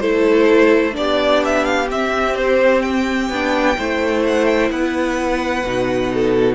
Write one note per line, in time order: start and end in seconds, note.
0.00 0.96 A3
0.00 0.92 E4
0.00 0.95 A4
0.00 0.94 C5
0.92 1.90 B3
0.92 1.86 D4
0.92 3.78 G4
0.92 1.43 D5
1.45 1.64 E5
1.64 1.88 F5
1.90 3.29 C4
1.90 3.31 C4
1.90 2.35 E5
2.35 2.82 C5
2.82 4.22 G5
3.29 3.76 B3
3.29 3.76 D4
3.76 4.70 A3
3.76 5.64 E4
3.76 4.72 C5
4.26 4.46 F#5
4.46 4.69 G5
4.70 5.63 B3
4.70 6.12 B4
4.70 6.54 F#5
5.64 6.54 B2
5.64 6.54 D#4
6.13 6.54 A4